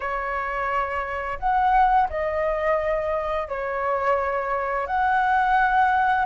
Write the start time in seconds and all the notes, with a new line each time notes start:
0.00 C#5
1.39 F#5
2.09 D#5
3.48 C#5
4.86 F#5